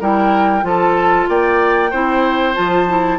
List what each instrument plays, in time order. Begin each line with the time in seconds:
0.00 bassoon G3, clarinet E4, oboe A#4, flute G5
0.62 bassoon F3, clarinet F4, oboe A4, flute A5
1.28 bassoon A#3, oboe D5, flute G5
1.91 bassoon C4, clarinet E4, oboe C5
2.54 bassoon F3, clarinet F4, flute A5
2.88 clarinet E4